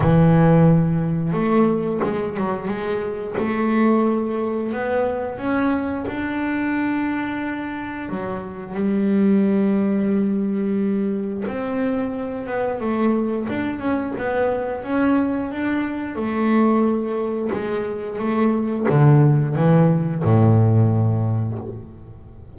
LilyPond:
\new Staff \with { instrumentName = "double bass" } { \time 4/4 \tempo 4 = 89 e2 a4 gis8 fis8 | gis4 a2 b4 | cis'4 d'2. | fis4 g2.~ |
g4 c'4. b8 a4 | d'8 cis'8 b4 cis'4 d'4 | a2 gis4 a4 | d4 e4 a,2 | }